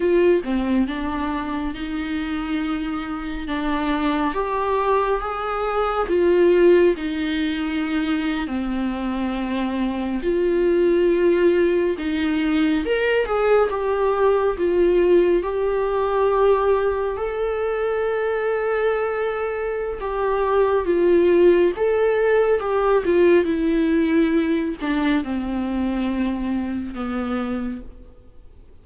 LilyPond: \new Staff \with { instrumentName = "viola" } { \time 4/4 \tempo 4 = 69 f'8 c'8 d'4 dis'2 | d'4 g'4 gis'4 f'4 | dis'4.~ dis'16 c'2 f'16~ | f'4.~ f'16 dis'4 ais'8 gis'8 g'16~ |
g'8. f'4 g'2 a'16~ | a'2. g'4 | f'4 a'4 g'8 f'8 e'4~ | e'8 d'8 c'2 b4 | }